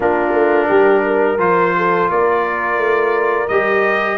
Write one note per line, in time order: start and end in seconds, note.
0.00 0.31 A#3
0.00 1.38 D4
0.00 0.67 F4
0.00 1.39 A#4
0.31 0.66 A3
0.67 1.38 G3
0.67 1.02 G4
1.06 1.76 A#4
1.38 2.08 F3
1.38 3.47 F4
1.38 2.09 C5
1.76 2.09 A4
2.09 2.77 A#3
2.09 4.17 A#4
2.09 3.48 D5
2.77 3.47 A3
3.48 4.17 G3
3.48 4.17 G4
3.48 4.17 D#5